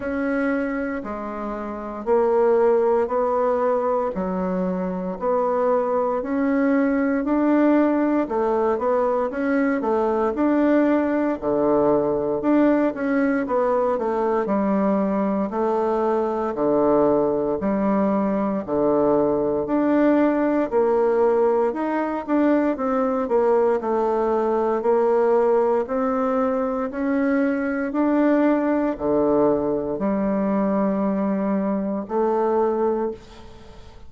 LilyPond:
\new Staff \with { instrumentName = "bassoon" } { \time 4/4 \tempo 4 = 58 cis'4 gis4 ais4 b4 | fis4 b4 cis'4 d'4 | a8 b8 cis'8 a8 d'4 d4 | d'8 cis'8 b8 a8 g4 a4 |
d4 g4 d4 d'4 | ais4 dis'8 d'8 c'8 ais8 a4 | ais4 c'4 cis'4 d'4 | d4 g2 a4 | }